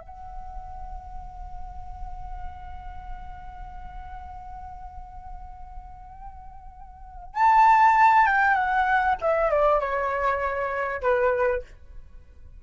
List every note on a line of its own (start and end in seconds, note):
0.00 7.34 F#5
7.34 8.26 A5
8.26 8.54 G5
8.54 9.15 F#5
9.21 9.50 E5
9.50 9.80 D5
9.80 11.01 C#5
11.01 11.62 B4